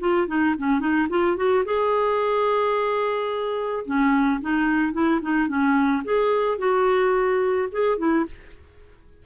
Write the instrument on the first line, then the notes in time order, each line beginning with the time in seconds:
clarinet
0.00 F4
0.28 D#4
0.59 C#4
0.80 D#4
1.10 F4
1.37 F#4
1.65 G#4
3.86 C#4
4.41 D#4
4.93 E4
5.22 D#4
5.48 C#4
6.05 G#4
6.59 F#4
7.72 G#4
7.98 E4